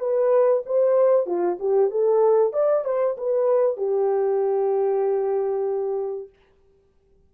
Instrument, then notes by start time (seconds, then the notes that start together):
horn
0.00 B4
0.66 C5
1.26 F4
1.60 G4
1.91 A4
2.53 D5
2.85 C5
3.18 B4
3.77 G4